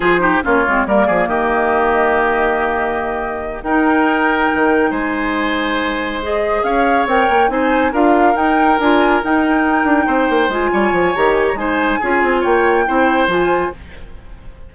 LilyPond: <<
  \new Staff \with { instrumentName = "flute" } { \time 4/4 \tempo 4 = 140 c''4 cis''4 d''4 dis''4~ | dis''1~ | dis''8 g''2. gis''8~ | gis''2~ gis''8 dis''4 f''8~ |
f''8 g''4 gis''4 f''4 g''8~ | g''8 gis''4 g''2~ g''8~ | g''8 gis''4. ais''8 gis''16 ais''16 gis''4~ | gis''4 g''2 gis''4 | }
  \new Staff \with { instrumentName = "oboe" } { \time 4/4 gis'8 g'8 f'4 ais'8 gis'8 g'4~ | g'1~ | g'8 ais'2. c''8~ | c''2.~ c''8 cis''8~ |
cis''4. c''4 ais'4.~ | ais'2.~ ais'8 c''8~ | c''4 cis''2 c''4 | gis'4 cis''4 c''2 | }
  \new Staff \with { instrumentName = "clarinet" } { \time 4/4 f'8 dis'8 cis'8 c'8 ais2~ | ais1~ | ais8 dis'2.~ dis'8~ | dis'2~ dis'8 gis'4.~ |
gis'8 ais'4 dis'4 f'4 dis'8~ | dis'8 f'4 dis'2~ dis'8~ | dis'8 f'4. g'4 dis'4 | f'2 e'4 f'4 | }
  \new Staff \with { instrumentName = "bassoon" } { \time 4/4 f4 ais8 gis8 g8 f8 dis4~ | dis1~ | dis8 dis'2 dis4 gis8~ | gis2.~ gis8 cis'8~ |
cis'8 c'8 ais8 c'4 d'4 dis'8~ | dis'8 d'4 dis'4. d'8 c'8 | ais8 gis8 g8 f8 dis4 gis4 | cis'8 c'8 ais4 c'4 f4 | }
>>